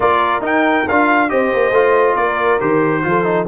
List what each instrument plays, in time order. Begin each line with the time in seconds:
0.00 tuba A#3, trombone F4, horn A#4, trumpet D5
0.41 tuba D#4, trombone D#4, trumpet G5
0.88 tuba D4, trombone F4, trumpet F5
1.28 tuba C4, trombone G4, horn C5, trumpet D#5
1.53 tuba A#3
1.71 tuba A3, trombone F4
2.15 tuba A#3, horn A#4, trumpet D5
2.60 tuba D#3, trombone G4, trumpet C5
3.03 tuba F3, trombone F4, horn A4
3.23 trombone D#4